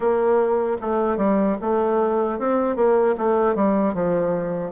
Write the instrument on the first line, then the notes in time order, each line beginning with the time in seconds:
bassoon
0.00 A#3
0.81 A3
1.17 G3
1.61 A3
2.39 C4
2.76 A#3
3.17 A3
3.55 G3
3.94 F3